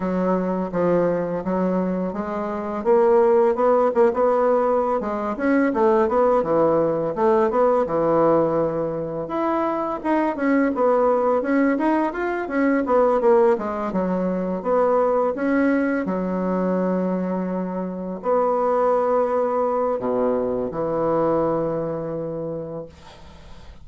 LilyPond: \new Staff \with { instrumentName = "bassoon" } { \time 4/4 \tempo 4 = 84 fis4 f4 fis4 gis4 | ais4 b8 ais16 b4~ b16 gis8 cis'8 | a8 b8 e4 a8 b8 e4~ | e4 e'4 dis'8 cis'8 b4 |
cis'8 dis'8 f'8 cis'8 b8 ais8 gis8 fis8~ | fis8 b4 cis'4 fis4.~ | fis4. b2~ b8 | b,4 e2. | }